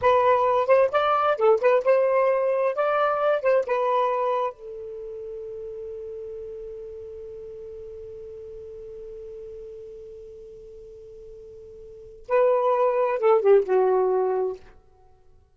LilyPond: \new Staff \with { instrumentName = "saxophone" } { \time 4/4 \tempo 4 = 132 b'4. c''8 d''4 a'8 b'8 | c''2 d''4. c''8 | b'2 a'2~ | a'1~ |
a'1~ | a'1~ | a'2. b'4~ | b'4 a'8 g'8 fis'2 | }